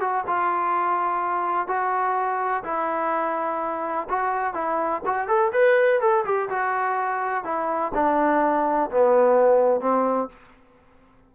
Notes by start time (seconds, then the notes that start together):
0.00 F#4
0.27 F4
1.67 F#4
2.64 E4
4.09 F#4
4.54 E4
5.06 F#4
5.28 A4
5.52 B4
6.01 A4
6.25 G4
6.49 F#4
7.44 E4
7.94 D4
8.90 B3
9.80 C4